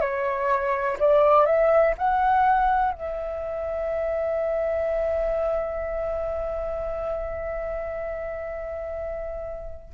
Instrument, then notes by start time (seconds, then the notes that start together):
flute
0.00 C#5
0.99 D5
1.46 E5
1.98 F#5
2.92 E5